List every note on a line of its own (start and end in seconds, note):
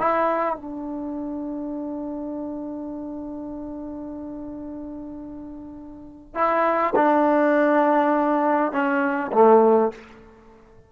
0.00 0.56 E4
0.56 6.35 D4
6.35 6.95 E4
6.96 8.72 D4
8.72 9.32 C#4
9.33 9.92 A3